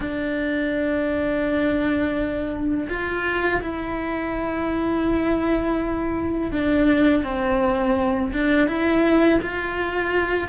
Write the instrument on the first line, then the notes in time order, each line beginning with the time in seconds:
cello
0.00 D4
2.89 F4
3.61 E4
6.51 D4
7.23 C4
8.33 D4
8.67 E4
9.41 F4